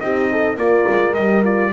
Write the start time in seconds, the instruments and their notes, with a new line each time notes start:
0.00 double bass C4, horn D#4 G4, trumpet D#5
0.32 horn A4
0.57 double bass A#3, horn F4 A#4, trumpet D5
0.89 double bass G#3
1.14 double bass G3, horn G4, trumpet D#5
1.44 horn F4, trumpet D5